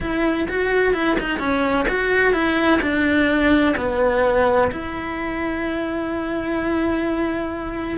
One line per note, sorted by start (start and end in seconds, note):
0.00 0.47 E4
0.49 0.93 F#4
0.93 1.17 E4
1.20 1.39 D#4
1.39 1.86 C#4
1.88 2.33 F#4
2.33 2.80 E4
2.81 3.75 D4
3.76 4.70 B3
4.71 7.98 E4